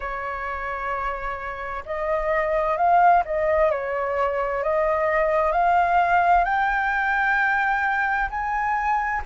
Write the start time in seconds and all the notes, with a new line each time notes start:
0.00 C#5
1.85 D#5
2.77 F5
3.25 D#5
3.70 C#5
4.63 D#5
5.51 F5
6.44 G5
8.30 G#5